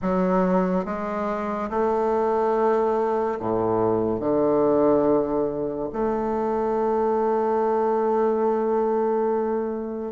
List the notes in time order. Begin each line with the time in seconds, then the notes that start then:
0.02 F#3
0.85 G#3
1.69 A3
3.39 A2
4.19 D3
5.92 A3